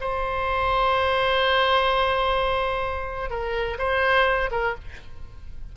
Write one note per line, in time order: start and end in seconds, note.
0.00 3.30 C5
3.30 3.77 A#4
3.78 4.49 C5
4.51 4.74 A#4